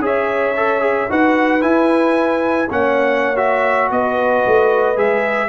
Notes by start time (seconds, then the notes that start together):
0.00 C#4 G#4 C#5 E5
0.57 A4
0.81 G#4
1.10 D#4 F#4 B4 F#5
1.62 E4 G#5
2.70 A#3 C#4 C#5 F#5
3.36 F#4 E5
3.91 B3 B4 D#5
4.47 A3
4.96 G#3 G#4 E5